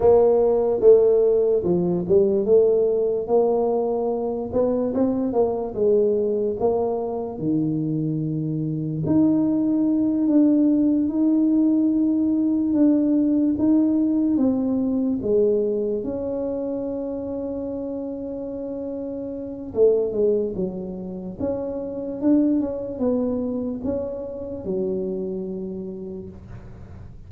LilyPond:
\new Staff \with { instrumentName = "tuba" } { \time 4/4 \tempo 4 = 73 ais4 a4 f8 g8 a4 | ais4. b8 c'8 ais8 gis4 | ais4 dis2 dis'4~ | dis'8 d'4 dis'2 d'8~ |
d'8 dis'4 c'4 gis4 cis'8~ | cis'1 | a8 gis8 fis4 cis'4 d'8 cis'8 | b4 cis'4 fis2 | }